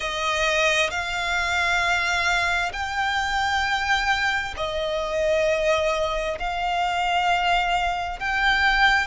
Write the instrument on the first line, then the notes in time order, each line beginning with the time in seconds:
violin
0.00 D#5
0.90 F5
2.72 G5
4.56 D#5
6.39 F5
8.19 G5